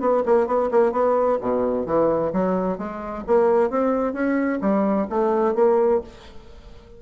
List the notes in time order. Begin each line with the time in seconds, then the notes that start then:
0.00 B3
0.25 A#3
0.47 B3
0.71 A#3
0.92 B3
1.41 B2
1.86 E3
2.33 F#3
2.78 G#3
3.27 A#3
3.70 C4
4.13 C#4
4.61 G3
5.10 A3
5.55 A#3